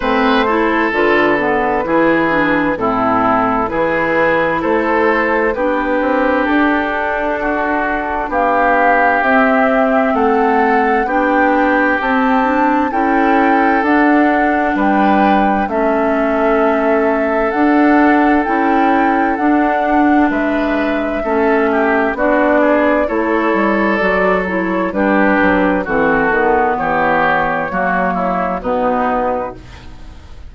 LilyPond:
<<
  \new Staff \with { instrumentName = "flute" } { \time 4/4 \tempo 4 = 65 c''4 b'2 a'4 | b'4 c''4 b'4 a'4~ | a'4 f''4 e''4 fis''4 | g''4 a''4 g''4 fis''4 |
g''4 e''2 fis''4 | g''4 fis''4 e''2 | d''4 cis''4 d''8 cis''8 b'4 | a'4 cis''2 b'4 | }
  \new Staff \with { instrumentName = "oboe" } { \time 4/4 b'8 a'4. gis'4 e'4 | gis'4 a'4 g'2 | fis'4 g'2 a'4 | g'2 a'2 |
b'4 a'2.~ | a'2 b'4 a'8 g'8 | fis'8 gis'8 a'2 g'4 | fis'4 g'4 fis'8 e'8 dis'4 | }
  \new Staff \with { instrumentName = "clarinet" } { \time 4/4 c'8 e'8 f'8 b8 e'8 d'8 c'4 | e'2 d'2~ | d'2 c'2 | d'4 c'8 d'8 e'4 d'4~ |
d'4 cis'2 d'4 | e'4 d'2 cis'4 | d'4 e'4 fis'8 e'8 d'4 | c'8 b4. ais4 b4 | }
  \new Staff \with { instrumentName = "bassoon" } { \time 4/4 a4 d4 e4 a,4 | e4 a4 b8 c'8 d'4~ | d'4 b4 c'4 a4 | b4 c'4 cis'4 d'4 |
g4 a2 d'4 | cis'4 d'4 gis4 a4 | b4 a8 g8 fis4 g8 fis8 | e8 dis8 e4 fis4 b,4 | }
>>